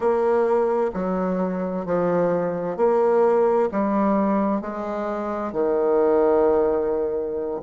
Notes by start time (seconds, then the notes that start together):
0.00 A#3
0.93 F#3
1.85 F3
2.77 A#3
3.71 G3
4.61 G#3
5.52 D#3